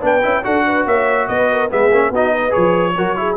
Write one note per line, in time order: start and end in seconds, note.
0.00 0.23 B3
0.00 0.21 D4
0.00 0.43 B4
0.00 0.44 G5
0.21 0.45 C#4
0.21 0.42 E4
0.43 0.86 D4
0.43 1.69 F#4
0.43 0.65 A4
0.43 0.86 F#5
0.67 0.86 B4
0.86 1.28 A#3
0.86 1.28 C#5
0.86 1.27 E5
1.27 1.70 B3
1.27 1.50 B4
1.27 1.69 D#5
1.51 1.71 A#4
1.70 1.91 G#3
1.70 1.91 B3
1.70 2.11 G#4
1.70 2.13 E5
1.91 2.10 A#3
1.91 2.13 C#4
2.10 2.52 B3
2.10 2.49 D#4
2.10 2.30 F#4
2.10 2.52 D#5
2.30 2.93 B4
2.49 2.91 G#4
2.49 3.36 C#5
2.56 2.96 F3
2.96 3.36 F#3
2.96 3.16 F#4
2.96 3.17 A#4
3.16 3.36 E4
3.16 3.36 G#4